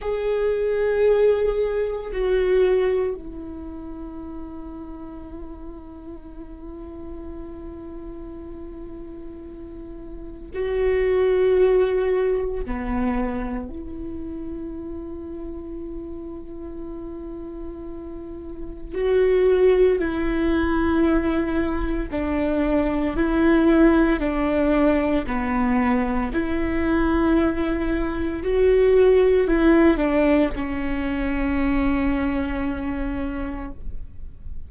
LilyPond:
\new Staff \with { instrumentName = "viola" } { \time 4/4 \tempo 4 = 57 gis'2 fis'4 e'4~ | e'1~ | e'2 fis'2 | b4 e'2.~ |
e'2 fis'4 e'4~ | e'4 d'4 e'4 d'4 | b4 e'2 fis'4 | e'8 d'8 cis'2. | }